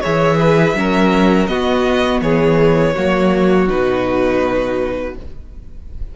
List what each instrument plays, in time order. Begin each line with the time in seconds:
0.00 cello E3, viola G#4, violin C#5 E5
0.40 violin B4
0.73 cello F#3, viola C#4, violin A#4
1.47 cello B3, viola B3, violin F#4 D#5
2.21 cello E3, violin G#4 C#5
2.94 cello F#3, viola A#3, violin F#4
3.68 cello B2, viola D#4, violin B4